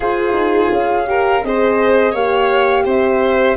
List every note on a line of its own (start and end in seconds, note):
0.00 0.32 F4
0.00 1.06 F4
0.00 1.07 G#4
0.00 0.72 C5
0.32 0.68 D#4
0.71 1.42 C#4
0.71 1.43 F5
1.06 1.41 G4
1.06 1.44 A#4
1.43 2.13 C4
1.43 2.14 G#4
1.43 2.11 C5
1.43 2.15 D#5
2.11 2.85 A#3
2.11 3.56 G4
2.11 2.83 C#5
2.11 2.86 F5
2.85 3.56 C4
2.85 3.56 C5
2.85 3.56 E5